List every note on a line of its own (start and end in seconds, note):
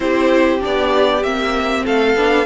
0.00 0.62 C4
0.00 0.60 E4
0.00 1.85 G4
0.00 0.60 C5
0.60 1.23 B3
0.60 1.22 D4
0.60 1.23 D5
1.23 1.85 A#3
1.23 2.16 C4
1.23 1.85 E5
1.85 2.15 A3
1.85 2.45 A4
1.85 2.45 F5
2.15 2.45 B3
2.15 2.45 D4